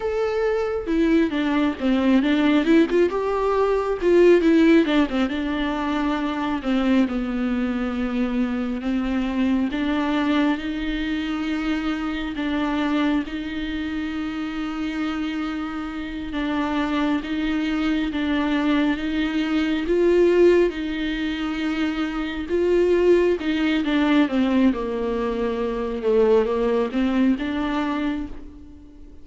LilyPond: \new Staff \with { instrumentName = "viola" } { \time 4/4 \tempo 4 = 68 a'4 e'8 d'8 c'8 d'8 e'16 f'16 g'8~ | g'8 f'8 e'8 d'16 c'16 d'4. c'8 | b2 c'4 d'4 | dis'2 d'4 dis'4~ |
dis'2~ dis'8 d'4 dis'8~ | dis'8 d'4 dis'4 f'4 dis'8~ | dis'4. f'4 dis'8 d'8 c'8 | ais4. a8 ais8 c'8 d'4 | }